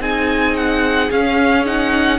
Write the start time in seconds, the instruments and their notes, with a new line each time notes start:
0.00 cello C4, viola D#4, violin G#4 G#5
0.56 violin F#5
1.10 cello C#4, viola C#4, violin F5
1.66 viola D#4, violin F#5